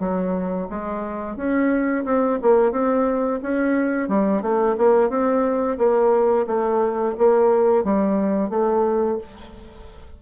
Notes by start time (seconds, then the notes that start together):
0.00 F#3
0.70 G#3
1.37 C#4
2.05 C4
2.43 A#3
2.72 C4
3.43 C#4
4.09 G3
4.42 A3
4.78 A#3
5.10 C4
5.79 A#3
6.47 A3
7.18 A#3
7.84 G3
8.50 A3